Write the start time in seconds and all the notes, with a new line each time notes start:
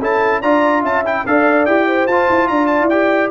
0.00 C#4 E4 A4 A5
0.41 D4 F4 D5 A#5
0.82 C#4 E5 A5
1.05 E4 G5
1.26 D4 A4 D5 F5
1.66 E4 G4 G5
1.87 C5
2.07 F4 A5
2.29 E4
2.48 D4 D5 A#5
2.67 A5
2.81 E4
2.90 G4 G5